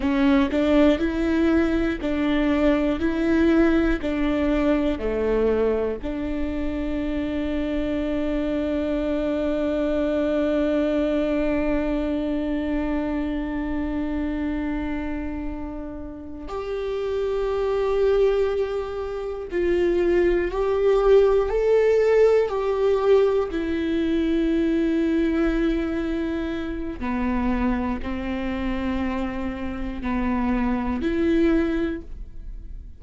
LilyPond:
\new Staff \with { instrumentName = "viola" } { \time 4/4 \tempo 4 = 60 cis'8 d'8 e'4 d'4 e'4 | d'4 a4 d'2~ | d'1~ | d'1~ |
d'8 g'2. f'8~ | f'8 g'4 a'4 g'4 e'8~ | e'2. b4 | c'2 b4 e'4 | }